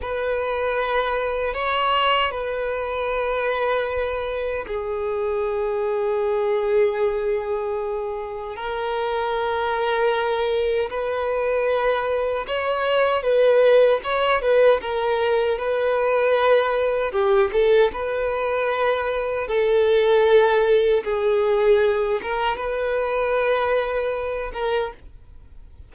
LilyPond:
\new Staff \with { instrumentName = "violin" } { \time 4/4 \tempo 4 = 77 b'2 cis''4 b'4~ | b'2 gis'2~ | gis'2. ais'4~ | ais'2 b'2 |
cis''4 b'4 cis''8 b'8 ais'4 | b'2 g'8 a'8 b'4~ | b'4 a'2 gis'4~ | gis'8 ais'8 b'2~ b'8 ais'8 | }